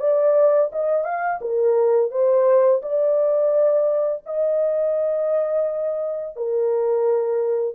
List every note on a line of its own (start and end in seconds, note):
0.00 0.71 D5
0.72 1.04 D#5
1.04 1.39 F5
1.41 2.11 A#4
2.11 2.81 C5
2.82 4.24 D5
4.26 6.37 D#5
6.37 7.75 A#4